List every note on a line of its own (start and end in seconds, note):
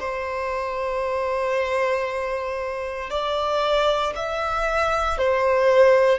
0.00 3.10 C5
3.10 4.13 D5
4.16 5.18 E5
5.18 6.19 C5